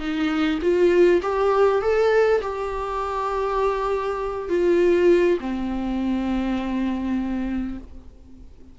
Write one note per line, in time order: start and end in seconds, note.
0.00 0.59 D#4
0.62 1.22 F4
1.23 1.82 G4
1.82 2.42 A4
2.42 4.50 G4
4.50 5.39 F4
5.41 7.78 C4